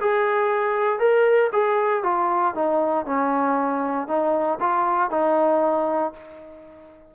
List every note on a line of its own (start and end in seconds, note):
0.00 0.99 G#4
0.99 1.50 A#4
1.52 2.03 G#4
2.03 2.54 F4
2.54 3.05 D#4
3.05 4.07 C#4
4.07 4.58 D#4
4.60 5.10 F4
5.10 6.13 D#4